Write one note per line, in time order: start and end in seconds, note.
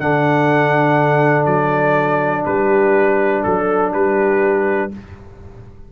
0.00 1.47 D3
0.00 4.92 D4
0.00 2.47 A4
0.00 1.46 F#5
1.46 2.45 F#3
1.46 2.44 D5
2.45 3.45 G3
2.45 3.45 G4
2.45 3.43 B4
3.43 3.94 F#3
3.43 3.92 A4
3.43 3.93 A4
3.93 4.93 G3
3.93 4.91 G4
3.93 4.92 B4